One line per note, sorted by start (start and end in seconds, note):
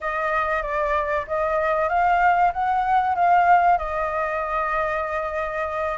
0.00 0.62 D#5
0.62 1.25 D5
1.27 1.88 D#5
1.88 2.51 F5
2.52 3.15 F#5
3.15 3.78 F5
3.78 5.98 D#5